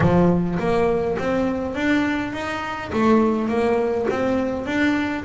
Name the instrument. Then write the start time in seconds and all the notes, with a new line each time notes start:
double bass
0.00 F3
0.59 A#3
1.18 C4
1.74 D4
2.32 D#4
2.92 A3
3.48 A#3
4.09 C4
4.65 D4